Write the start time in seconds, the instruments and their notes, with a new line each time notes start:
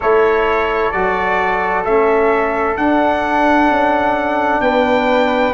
0.00 tuba A3, trombone E4, flute A4, trumpet C#5
0.91 tuba F#3, trombone F#4, trumpet D5
1.84 tuba A3, trombone C#4, trumpet E5
2.76 trombone D4, tuba D4, trumpet F#5
3.69 tuba C#4
4.60 tuba B3, flute B4, trumpet G5